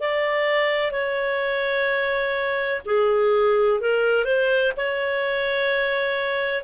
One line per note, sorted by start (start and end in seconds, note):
0.00 0.91 D5
0.91 2.81 C#5
2.85 3.81 G#4
3.81 4.24 A#4
4.24 4.72 C5
4.76 6.64 C#5